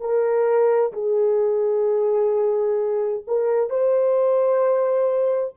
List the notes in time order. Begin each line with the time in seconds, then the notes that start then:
0.00 A#4
0.93 G#4
3.27 A#4
3.70 C5